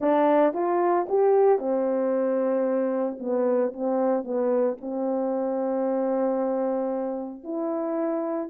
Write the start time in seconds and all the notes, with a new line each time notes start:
0.00 D4
0.53 F4
1.08 G4
1.59 C4
3.19 B3
3.73 C4
4.24 B3
4.80 C4
7.43 E4